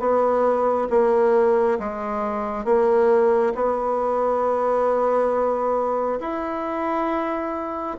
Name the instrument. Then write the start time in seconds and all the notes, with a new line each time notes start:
bassoon
0.00 B3
0.90 A#3
1.79 G#3
2.65 A#3
3.55 B3
6.20 E4